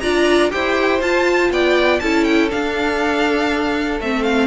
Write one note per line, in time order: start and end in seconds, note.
0.00 0.53 D4
0.00 0.50 F4
0.00 0.52 D5
0.00 0.50 A#5
0.50 1.00 E4
0.50 1.00 G4
0.50 1.52 C5
0.50 1.01 G5
1.00 1.50 F4
1.00 2.01 F4
1.00 1.51 A5
1.50 1.99 B3
1.50 2.01 D5
1.50 1.99 G5
1.99 2.52 C#4
1.99 2.49 E4
1.99 4.47 A4
1.99 2.24 A5
2.24 2.49 G5
2.49 3.98 D4
2.49 4.00 D4
2.49 4.00 F5
4.00 4.47 A3
4.00 4.47 C4
4.00 4.24 E5
4.24 4.47 F5